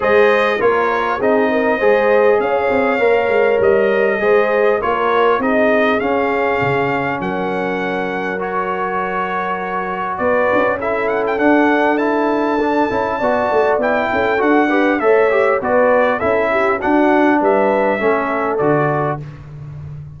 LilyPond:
<<
  \new Staff \with { instrumentName = "trumpet" } { \time 4/4 \tempo 4 = 100 dis''4 cis''4 dis''2 | f''2 dis''2 | cis''4 dis''4 f''2 | fis''2 cis''2~ |
cis''4 d''4 e''8 fis''16 g''16 fis''4 | a''2. g''4 | fis''4 e''4 d''4 e''4 | fis''4 e''2 d''4 | }
  \new Staff \with { instrumentName = "horn" } { \time 4/4 c''4 ais'4 gis'8 ais'8 c''4 | cis''2. c''4 | ais'4 gis'2. | ais'1~ |
ais'4 b'4 a'2~ | a'2 d''4. a'8~ | a'8 b'8 cis''4 b'4 a'8 g'8 | fis'4 b'4 a'2 | }
  \new Staff \with { instrumentName = "trombone" } { \time 4/4 gis'4 f'4 dis'4 gis'4~ | gis'4 ais'2 gis'4 | f'4 dis'4 cis'2~ | cis'2 fis'2~ |
fis'2 e'4 d'4 | e'4 d'8 e'8 fis'4 e'4 | fis'8 g'8 a'8 g'8 fis'4 e'4 | d'2 cis'4 fis'4 | }
  \new Staff \with { instrumentName = "tuba" } { \time 4/4 gis4 ais4 c'4 gis4 | cis'8 c'8 ais8 gis8 g4 gis4 | ais4 c'4 cis'4 cis4 | fis1~ |
fis4 b8 cis'4. d'4~ | d'4. cis'8 b8 a8 b8 cis'8 | d'4 a4 b4 cis'4 | d'4 g4 a4 d4 | }
>>